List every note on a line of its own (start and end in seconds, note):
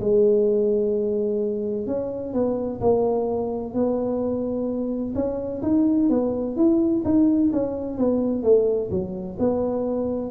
0.00 1.87 G#3
1.87 2.33 C#4
2.33 2.80 B3
2.81 3.74 A#3
3.74 5.14 B3
5.15 5.62 C#4
5.62 6.09 D#4
6.09 6.56 B3
6.56 7.03 E4
7.05 7.52 D#4
7.53 7.98 C#4
7.98 8.43 B3
8.43 8.90 A3
8.91 9.37 F#3
9.39 10.31 B3